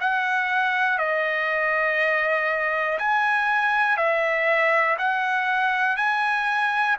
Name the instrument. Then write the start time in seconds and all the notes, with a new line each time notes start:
trumpet
0.00 F#5
0.98 D#5
2.98 G#5
3.97 E5
4.98 F#5
5.97 G#5